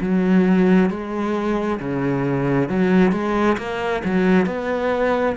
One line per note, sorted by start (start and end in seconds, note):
0.00 0.90 F#3
0.90 1.79 G#3
1.80 2.69 C#3
2.69 3.12 F#3
3.12 3.57 G#3
3.57 4.02 A#3
4.05 4.46 F#3
4.46 5.35 B3